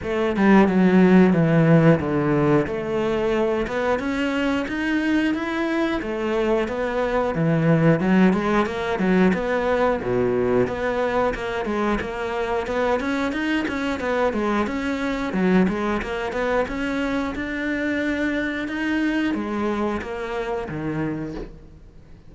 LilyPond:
\new Staff \with { instrumentName = "cello" } { \time 4/4 \tempo 4 = 90 a8 g8 fis4 e4 d4 | a4. b8 cis'4 dis'4 | e'4 a4 b4 e4 | fis8 gis8 ais8 fis8 b4 b,4 |
b4 ais8 gis8 ais4 b8 cis'8 | dis'8 cis'8 b8 gis8 cis'4 fis8 gis8 | ais8 b8 cis'4 d'2 | dis'4 gis4 ais4 dis4 | }